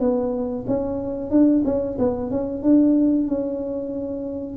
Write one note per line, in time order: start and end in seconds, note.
0.00 0.65 B3
0.67 1.30 C#4
1.30 1.63 D4
1.65 1.97 C#4
1.99 2.31 B3
2.31 2.63 C#4
2.63 3.28 D4
3.28 4.57 C#4